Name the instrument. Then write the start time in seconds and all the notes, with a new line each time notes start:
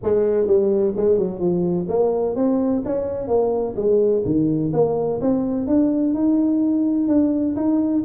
tuba
0.03 G#3
0.46 G3
0.96 G#3
1.17 F#3
1.39 F3
1.88 A#3
2.35 C4
2.85 C#4
3.27 A#3
3.76 G#3
4.25 D#3
4.73 A#3
5.21 C4
5.67 D4
6.14 D#4
7.08 D4
7.56 D#4